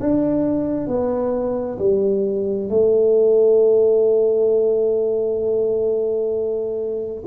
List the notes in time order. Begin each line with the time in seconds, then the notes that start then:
0.00 D4
0.88 B3
1.79 G3
2.70 A3